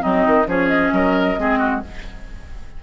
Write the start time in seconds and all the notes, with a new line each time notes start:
0.00 F#3 C4 D#4 D#5
0.26 D#3
0.47 F3 C#4 G#4 C#5
0.68 D#5
0.92 F#3 A#4
1.37 G#3 C4 G#4
1.59 F#4